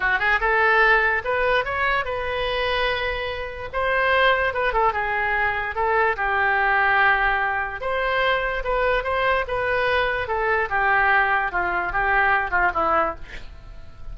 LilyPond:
\new Staff \with { instrumentName = "oboe" } { \time 4/4 \tempo 4 = 146 fis'8 gis'8 a'2 b'4 | cis''4 b'2.~ | b'4 c''2 b'8 a'8 | gis'2 a'4 g'4~ |
g'2. c''4~ | c''4 b'4 c''4 b'4~ | b'4 a'4 g'2 | f'4 g'4. f'8 e'4 | }